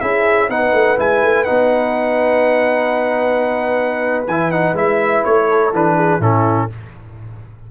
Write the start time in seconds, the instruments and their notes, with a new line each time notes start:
0.00 tuba C#4, trombone E4, horn G#4, trumpet E5
0.48 tuba B3, trombone D#4, horn B4, trumpet F#5
0.72 tuba A3
0.97 tuba G#3, trombone E4, trumpet G#5
1.22 tuba A3
1.44 tuba B3, trombone D#4, trumpet F#5
4.27 tuba E3, trombone E4, trumpet G#5
4.51 trombone D#4, trumpet F#5
4.73 tuba G#3, trombone E4, trumpet E5
5.24 tuba A3, trumpet C#5
5.49 horn A4
5.73 tuba E3, trombone D4, trumpet B4
5.96 horn G#4
6.19 tuba A2, trombone C#4, horn E4, trumpet A4